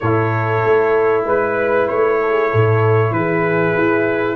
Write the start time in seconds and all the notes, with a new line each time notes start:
0.00 A2 E4 A4 C#5
0.64 A3
1.24 G#3 B4
1.88 A3 C#5
2.22 A4
2.31 G#4
2.50 A2 A4
3.11 E3 G#4 B4
3.77 E4